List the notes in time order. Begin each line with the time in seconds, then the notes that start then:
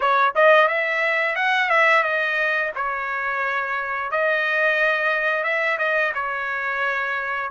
0.00 C#5
0.35 D#5
0.68 E5
1.35 F#5
1.69 E5
2.03 D#5
2.75 C#5
4.11 D#5
5.43 E5
5.78 D#5
6.14 C#5